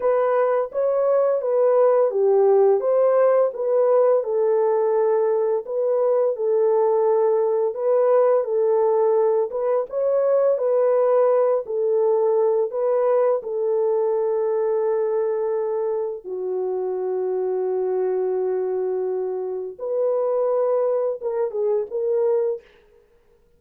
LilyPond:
\new Staff \with { instrumentName = "horn" } { \time 4/4 \tempo 4 = 85 b'4 cis''4 b'4 g'4 | c''4 b'4 a'2 | b'4 a'2 b'4 | a'4. b'8 cis''4 b'4~ |
b'8 a'4. b'4 a'4~ | a'2. fis'4~ | fis'1 | b'2 ais'8 gis'8 ais'4 | }